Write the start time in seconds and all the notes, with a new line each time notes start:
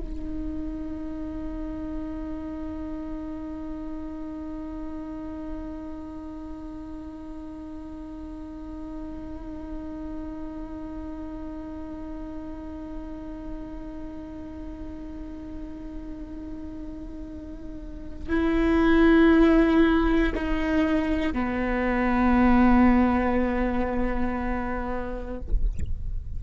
0.00 D#4
18.30 E4
20.35 D#4
21.33 B3